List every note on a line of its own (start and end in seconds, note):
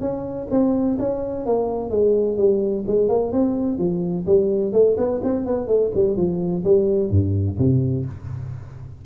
0.00 0.47 C#4
0.50 0.98 C4
0.99 1.46 C#4
1.46 1.90 A#3
1.90 2.37 G#3
2.37 2.85 G3
2.87 3.08 G#3
3.08 3.32 A#3
3.32 3.78 C4
3.78 4.25 F3
4.26 4.72 G3
4.72 4.96 A3
4.97 5.21 B3
5.23 5.46 C4
5.46 5.67 B3
5.67 5.91 A3
5.95 6.17 G3
6.17 6.64 F3
6.64 7.10 G3
7.10 7.57 G2
7.58 8.05 C3